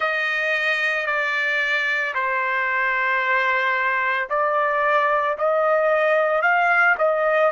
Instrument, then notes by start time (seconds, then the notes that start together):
trumpet
0.00 D#5
1.06 D5
2.14 C5
4.29 D5
5.38 D#5
6.42 F5
6.97 D#5